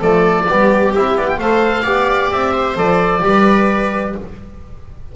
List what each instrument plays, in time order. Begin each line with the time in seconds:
0.00 double bass F3, trombone A3, viola A4, oboe D5
0.48 double bass G3, trombone B3, viola G4
0.95 double bass C4, trombone E4, oboe E5
1.16 double bass B3, oboe D5
1.28 oboe G5
1.38 double bass A3, trombone A4, viola C5, oboe F5
1.83 double bass B3, trombone G4, viola D5
2.32 double bass C4, oboe E5
2.53 viola C5
2.76 double bass F3, trombone A4, oboe D5
3.21 double bass G3, trombone G4, viola B4